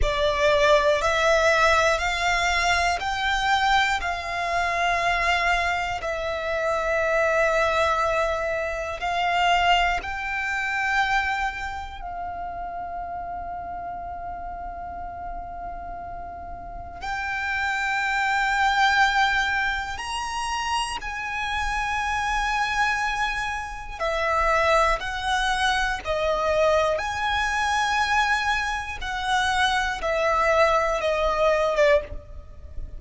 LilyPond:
\new Staff \with { instrumentName = "violin" } { \time 4/4 \tempo 4 = 60 d''4 e''4 f''4 g''4 | f''2 e''2~ | e''4 f''4 g''2 | f''1~ |
f''4 g''2. | ais''4 gis''2. | e''4 fis''4 dis''4 gis''4~ | gis''4 fis''4 e''4 dis''8. d''16 | }